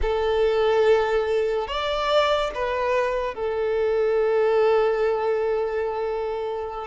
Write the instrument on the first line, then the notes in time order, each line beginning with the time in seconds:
violin
0.01 A4
1.67 D5
2.54 B4
3.34 A4